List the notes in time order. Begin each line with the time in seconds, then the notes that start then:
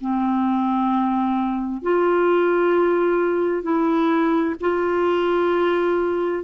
0.00 C4
1.82 F4
3.62 E4
4.60 F4